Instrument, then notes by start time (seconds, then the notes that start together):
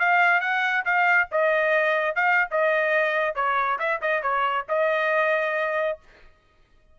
trumpet
0.00 F5
0.41 F#5
0.85 F5
1.32 D#5
2.16 F5
2.52 D#5
3.36 C#5
3.80 E5
4.02 D#5
4.23 C#5
4.69 D#5